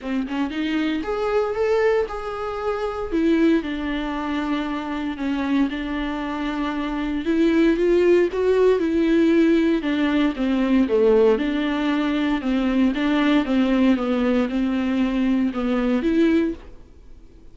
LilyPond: \new Staff \with { instrumentName = "viola" } { \time 4/4 \tempo 4 = 116 c'8 cis'8 dis'4 gis'4 a'4 | gis'2 e'4 d'4~ | d'2 cis'4 d'4~ | d'2 e'4 f'4 |
fis'4 e'2 d'4 | c'4 a4 d'2 | c'4 d'4 c'4 b4 | c'2 b4 e'4 | }